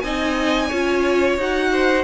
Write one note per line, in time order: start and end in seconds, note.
0.00 0.70 C4
0.00 0.71 D#4
0.00 0.67 D#5
0.00 1.35 G#5
0.67 1.38 C#4
0.67 1.40 F4
0.67 1.69 C#5
1.38 2.04 D#4
1.38 2.04 F#4
1.38 2.04 F#5
1.72 2.04 C5